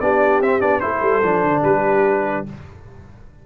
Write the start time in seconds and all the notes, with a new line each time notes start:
0.00 B3 D4 G4 D5
0.41 C4 E5
0.60 B3 D4 D5
0.80 A3 E4 A4 C5
1.02 G3
1.23 F3 D4
1.43 D3
1.62 G3 G4 B4